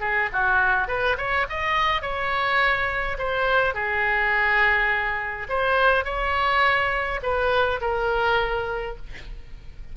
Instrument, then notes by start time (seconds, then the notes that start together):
oboe
0.00 G#4
0.32 F#4
0.87 B4
1.17 C#5
1.49 D#5
2.02 C#5
3.18 C5
3.74 G#4
5.49 C5
6.04 C#5
7.22 B4
7.81 A#4